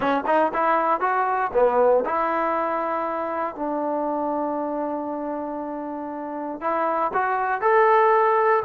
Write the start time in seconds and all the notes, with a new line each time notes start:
0.00 C#4
0.26 D#4
0.53 E4
1.00 F#4
1.53 B3
2.05 E4
3.55 D4
6.60 E4
7.13 F#4
7.61 A4